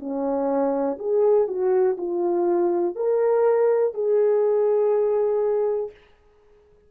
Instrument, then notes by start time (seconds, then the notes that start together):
horn
0.00 C#4
0.99 G#4
1.48 F#4
1.98 F4
2.96 A#4
3.94 G#4